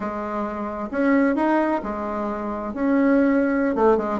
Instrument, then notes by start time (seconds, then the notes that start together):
bassoon
0.00 G#3
0.91 C#4
1.35 D#4
1.83 G#3
2.73 C#4
3.75 A3
3.97 G#3